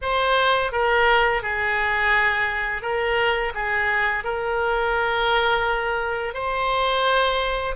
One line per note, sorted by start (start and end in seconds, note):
0.01 0.72 C5
0.72 1.42 A#4
1.42 2.82 G#4
2.82 3.52 A#4
3.54 4.24 G#4
4.24 6.34 A#4
6.34 7.75 C5